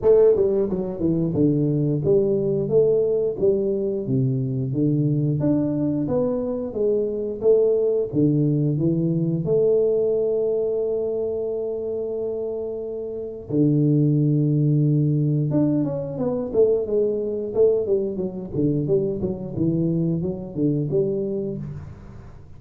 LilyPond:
\new Staff \with { instrumentName = "tuba" } { \time 4/4 \tempo 4 = 89 a8 g8 fis8 e8 d4 g4 | a4 g4 c4 d4 | d'4 b4 gis4 a4 | d4 e4 a2~ |
a1 | d2. d'8 cis'8 | b8 a8 gis4 a8 g8 fis8 d8 | g8 fis8 e4 fis8 d8 g4 | }